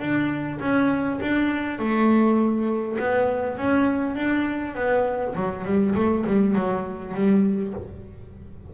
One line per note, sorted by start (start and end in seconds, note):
0.00 0.59 D4
0.60 1.20 C#4
1.22 1.79 D4
1.79 2.98 A3
2.99 3.58 B3
3.58 4.16 C#4
4.16 4.75 D4
4.75 5.35 B3
5.36 5.65 F#3
5.65 5.95 G3
5.96 6.25 A3
6.27 6.56 G3
6.56 7.15 F#3
7.15 7.74 G3